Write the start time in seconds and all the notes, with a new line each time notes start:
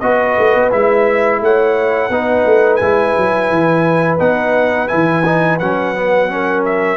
0.00 B3 F#4 B4 D#5
0.38 A3
0.55 B3
0.71 G#3 E4 E5
1.41 A3 C#5 F#5
2.09 B3 D#4 B4
2.46 A3
2.76 G#3 E4 G#5
3.17 F#3
3.50 E3
4.19 B3 D#4 F#5
4.88 E3 E4 G#5
5.25 D#4
5.59 F#3 C#4 F#5
5.95 B3
6.29 C#4 A#4
6.65 E5